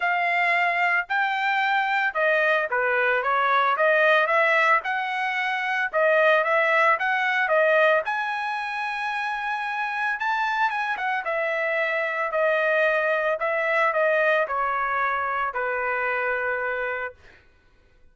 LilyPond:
\new Staff \with { instrumentName = "trumpet" } { \time 4/4 \tempo 4 = 112 f''2 g''2 | dis''4 b'4 cis''4 dis''4 | e''4 fis''2 dis''4 | e''4 fis''4 dis''4 gis''4~ |
gis''2. a''4 | gis''8 fis''8 e''2 dis''4~ | dis''4 e''4 dis''4 cis''4~ | cis''4 b'2. | }